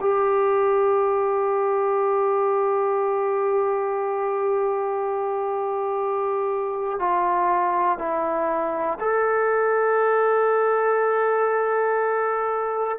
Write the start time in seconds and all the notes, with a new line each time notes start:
0.00 G4
6.99 F4
7.98 E4
9.00 A4